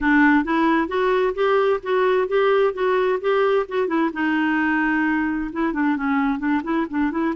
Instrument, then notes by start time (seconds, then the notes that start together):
clarinet
0.00 D4
0.44 E4
0.88 F#4
1.34 G4
1.83 F#4
2.28 G4
2.73 F#4
3.20 G4
3.68 F#4
3.87 E4
4.13 D#4
5.52 E4
5.73 D4
5.96 C#4
6.39 D4
6.63 E4
6.90 D4
7.11 E4